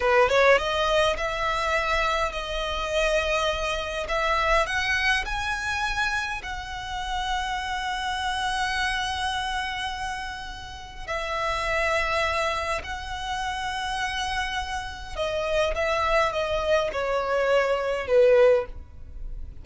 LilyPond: \new Staff \with { instrumentName = "violin" } { \time 4/4 \tempo 4 = 103 b'8 cis''8 dis''4 e''2 | dis''2. e''4 | fis''4 gis''2 fis''4~ | fis''1~ |
fis''2. e''4~ | e''2 fis''2~ | fis''2 dis''4 e''4 | dis''4 cis''2 b'4 | }